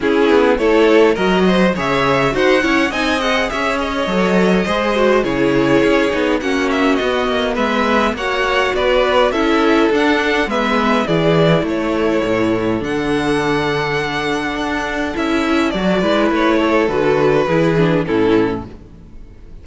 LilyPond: <<
  \new Staff \with { instrumentName = "violin" } { \time 4/4 \tempo 4 = 103 gis'4 cis''4 dis''4 e''4 | fis''4 gis''8 fis''8 e''8 dis''4.~ | dis''4 cis''2 fis''8 e''8 | dis''4 e''4 fis''4 d''4 |
e''4 fis''4 e''4 d''4 | cis''2 fis''2~ | fis''2 e''4 d''4 | cis''4 b'2 a'4 | }
  \new Staff \with { instrumentName = "violin" } { \time 4/4 e'4 a'4 ais'8 c''8 cis''4 | c''8 cis''8 dis''4 cis''2 | c''4 gis'2 fis'4~ | fis'4 b'4 cis''4 b'4 |
a'2 b'4 gis'4 | a'1~ | a'2.~ a'8 b'8~ | b'8 a'4. gis'4 e'4 | }
  \new Staff \with { instrumentName = "viola" } { \time 4/4 cis'4 e'4 fis'4 gis'4 | fis'8 e'8 dis'8 gis'4. a'4 | gis'8 fis'8 e'4. dis'8 cis'4 | b2 fis'2 |
e'4 d'4 b4 e'4~ | e'2 d'2~ | d'2 e'4 fis'8 e'8~ | e'4 fis'4 e'8 d'8 cis'4 | }
  \new Staff \with { instrumentName = "cello" } { \time 4/4 cis'8 b8 a4 fis4 cis4 | dis'8 cis'8 c'4 cis'4 fis4 | gis4 cis4 cis'8 b8 ais4 | b8 ais8 gis4 ais4 b4 |
cis'4 d'4 gis4 e4 | a4 a,4 d2~ | d4 d'4 cis'4 fis8 gis8 | a4 d4 e4 a,4 | }
>>